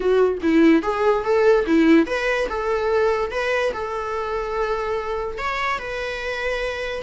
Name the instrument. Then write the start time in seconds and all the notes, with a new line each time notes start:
viola
0.00 F#4
0.42 E4
0.82 G#4
1.23 A4
1.66 E4
2.06 B4
2.48 A4
3.31 B4
3.73 A4
5.38 C#5
5.78 B4